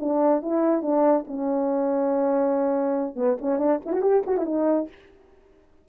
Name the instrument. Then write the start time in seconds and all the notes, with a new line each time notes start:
horn
0.00 D4
0.42 E4
0.83 D4
1.28 C#4
3.16 B3
3.42 C#4
3.59 D4
3.86 E4
3.93 F#4
4.02 G4
4.27 F#4
4.38 E4
4.46 D#4